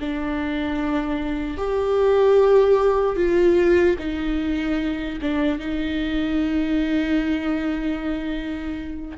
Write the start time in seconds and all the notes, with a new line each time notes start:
0.00 D4
1.57 G4
3.16 F4
3.99 D#4
5.21 D4
5.59 D#4